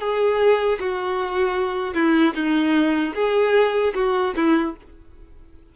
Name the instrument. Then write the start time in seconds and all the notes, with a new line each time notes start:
violin
0.00 G#4
0.80 F#4
1.94 E4
2.35 D#4
3.15 G#4
3.94 F#4
4.36 E4